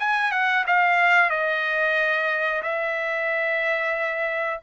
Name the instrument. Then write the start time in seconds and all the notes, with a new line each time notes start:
trumpet
0.00 G#5
0.32 F#5
0.67 F5
1.30 D#5
2.62 E5